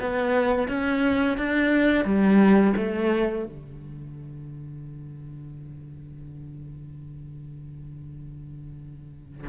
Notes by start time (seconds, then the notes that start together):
0.00 B3
0.68 C#4
1.37 D4
2.04 G3
2.76 A3
3.45 D3